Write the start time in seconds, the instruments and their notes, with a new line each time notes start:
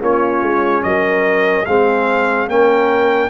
0.00 tuba A#3, trombone C#4, horn F4, trumpet C#5
0.42 tuba G#3
0.83 tuba F#3, horn A#4, trumpet D#5
1.65 tuba G#3, trombone C4, horn G#4, trumpet F5
2.47 tuba A#3, trombone C#4, horn A#4, trumpet G5